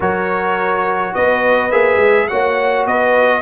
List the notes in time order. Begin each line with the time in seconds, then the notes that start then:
0.00 F#3 F#4 A#4 C#5
1.14 B3 B4 D#5
1.71 A#3 G#4 E5
1.96 G#3
2.28 A#3 F#4 C#5 F#5
2.86 B3 B4 D#5